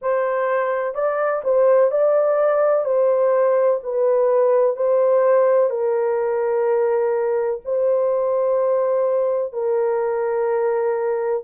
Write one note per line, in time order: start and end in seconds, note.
0.01 0.94 C5
0.94 1.42 D5
1.43 1.90 C5
1.90 2.84 D5
2.84 3.80 C5
3.83 4.76 B4
4.76 5.70 C5
5.70 7.60 A#4
7.65 9.52 C5
9.52 11.43 A#4